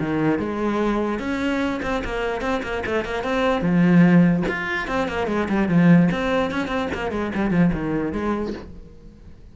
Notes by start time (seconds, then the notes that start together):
0.00 D#3
0.39 G#3
1.19 C#4
1.83 C4
2.05 A#3
2.42 C4
2.63 A#3
2.86 A3
3.05 A#3
3.24 C4
3.62 F3
4.49 F4
4.88 C4
5.09 A#3
5.28 G#3
5.49 G3
5.69 F3
6.12 C4
6.52 C#4
6.68 C4
6.95 A#3
7.12 G#3
7.35 G3
7.51 F3
7.73 D#3
8.13 G#3